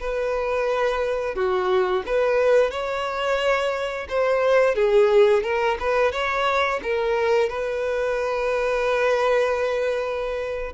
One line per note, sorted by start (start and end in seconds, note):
0.00 1.35 B4
1.35 2.04 F#4
2.06 2.71 B4
2.71 4.08 C#5
4.09 4.75 C5
4.75 5.44 G#4
5.44 5.78 A#4
5.80 6.12 B4
6.12 6.80 C#5
6.83 7.49 A#4
7.49 10.73 B4